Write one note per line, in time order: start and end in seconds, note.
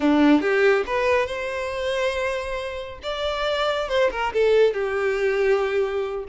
0.00 0.41 D4
0.41 0.84 G4
0.86 1.26 B4
1.26 2.98 C5
3.03 3.88 D5
3.88 4.10 C5
4.11 4.32 A#4
4.33 4.73 A4
4.73 6.24 G4